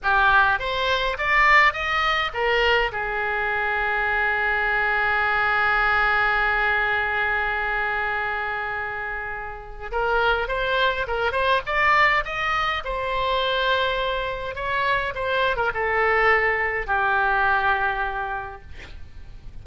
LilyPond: \new Staff \with { instrumentName = "oboe" } { \time 4/4 \tempo 4 = 103 g'4 c''4 d''4 dis''4 | ais'4 gis'2.~ | gis'1~ | gis'1~ |
gis'4 ais'4 c''4 ais'8 c''8 | d''4 dis''4 c''2~ | c''4 cis''4 c''8. ais'16 a'4~ | a'4 g'2. | }